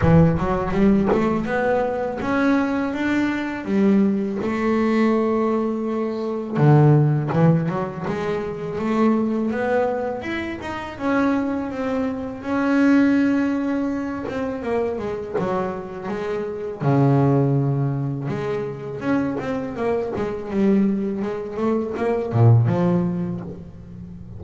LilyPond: \new Staff \with { instrumentName = "double bass" } { \time 4/4 \tempo 4 = 82 e8 fis8 g8 a8 b4 cis'4 | d'4 g4 a2~ | a4 d4 e8 fis8 gis4 | a4 b4 e'8 dis'8 cis'4 |
c'4 cis'2~ cis'8 c'8 | ais8 gis8 fis4 gis4 cis4~ | cis4 gis4 cis'8 c'8 ais8 gis8 | g4 gis8 a8 ais8 ais,8 f4 | }